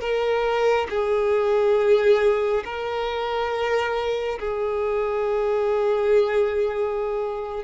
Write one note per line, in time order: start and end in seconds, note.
0.00 0.87 A#4
0.90 2.64 G#4
2.64 4.38 A#4
4.39 7.63 G#4